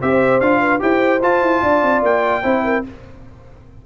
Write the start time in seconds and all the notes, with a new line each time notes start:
0.00 C4 G4 C5 E5
0.40 D4 F4 F5
0.60 B4
0.79 E4 G4 C5 G5
1.21 F4 A5
1.41 E4
1.62 D4 D5
1.82 C4
2.02 A#3 G5
2.42 C4 E4 C5
2.64 A#4